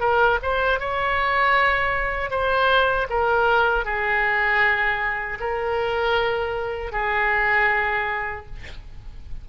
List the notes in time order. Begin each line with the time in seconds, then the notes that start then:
0.00 A#4
0.42 C5
0.79 C#5
2.30 C5
3.09 A#4
3.85 G#4
5.40 A#4
6.92 G#4